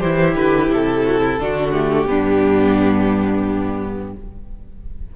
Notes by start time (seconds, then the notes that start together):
0.00 E3 E4 G4 C5
0.35 D3 B4
0.71 C3 A4
1.04 F#4
1.23 E4
1.40 D3 D4 F#4
1.72 A3 G4
2.06 G2 B3 D4